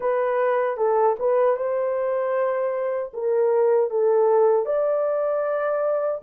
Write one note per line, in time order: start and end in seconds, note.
0.00 0.77 B4
0.77 1.16 A4
1.19 1.56 B4
1.56 3.12 C5
3.13 3.90 A#4
3.90 4.65 A4
4.65 6.21 D5